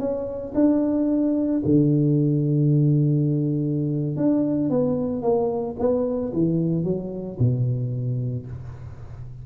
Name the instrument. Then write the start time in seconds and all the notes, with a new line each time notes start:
tuba
0.00 C#4
0.55 D4
1.66 D3
4.17 D4
4.70 B3
5.23 A#3
5.80 B3
6.34 E3
6.84 F#3
7.40 B2